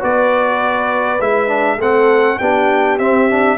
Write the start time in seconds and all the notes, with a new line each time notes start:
0.00 B3 F#4 B4 D5
1.19 G#3 E4 E5
1.47 D4
1.77 A3 C4 A4 F#5
2.38 B3 D4 G4 G5
2.98 C4 E5
3.29 D4